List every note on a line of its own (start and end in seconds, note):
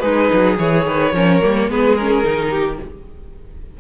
0.00 0.31 G#3
0.00 0.60 D#4
0.00 1.13 G#4
0.00 0.56 B4
0.33 0.59 F#3
0.59 0.86 E3
0.59 0.87 G#4
0.59 1.70 C#5
0.86 1.13 D#3
0.86 1.15 B4
1.13 1.41 F3
1.13 1.42 C#4
1.13 1.70 A#4
1.42 1.69 G3
1.42 1.69 A#3
1.69 2.24 G#3
1.69 1.97 B3
1.69 2.50 G#4
1.69 1.96 B4
1.96 2.25 C#4
1.96 2.80 A#4
2.24 2.79 D#3
2.24 2.80 D#4
2.50 2.78 G4